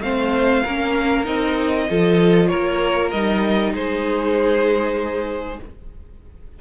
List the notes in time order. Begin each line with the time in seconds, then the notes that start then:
0.00 A3 C4 C5 F5
0.63 A#3 C#4 A#4
1.24 C4 D#4 D#5
1.90 F3 F4 A4
2.48 A#3 A#4 C#5
3.11 G3 D#4 D#5
3.73 G#3 G#4 C5